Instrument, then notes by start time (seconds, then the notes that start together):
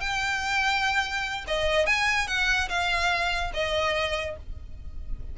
violin
0.00 G5
1.47 D#5
1.86 G#5
2.27 F#5
2.69 F5
3.54 D#5